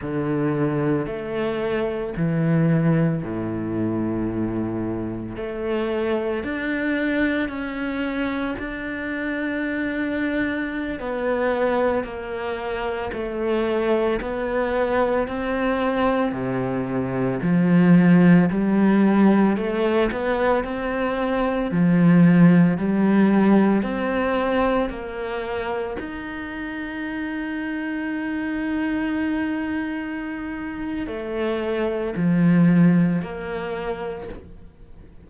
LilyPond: \new Staff \with { instrumentName = "cello" } { \time 4/4 \tempo 4 = 56 d4 a4 e4 a,4~ | a,4 a4 d'4 cis'4 | d'2~ d'16 b4 ais8.~ | ais16 a4 b4 c'4 c8.~ |
c16 f4 g4 a8 b8 c'8.~ | c'16 f4 g4 c'4 ais8.~ | ais16 dis'2.~ dis'8.~ | dis'4 a4 f4 ais4 | }